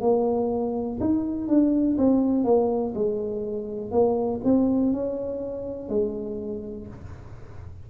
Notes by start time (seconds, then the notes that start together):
0.00 A#3
1.00 D#4
1.48 D4
1.98 C4
2.44 A#3
2.94 G#3
3.91 A#3
4.44 C4
4.92 C#4
5.89 G#3